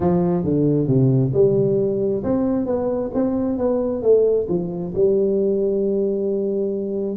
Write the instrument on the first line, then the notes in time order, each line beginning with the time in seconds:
tuba
0.00 F3
0.44 D3
0.87 C3
1.33 G3
2.23 C4
2.66 B3
3.14 C4
3.57 B3
4.02 A3
4.49 F3
4.95 G3